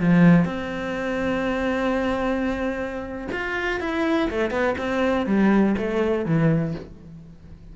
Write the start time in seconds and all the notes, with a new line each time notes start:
0.00 F3
0.45 C4
3.32 F4
3.80 E4
4.31 A3
4.51 B3
4.78 C4
5.26 G3
5.78 A3
6.26 E3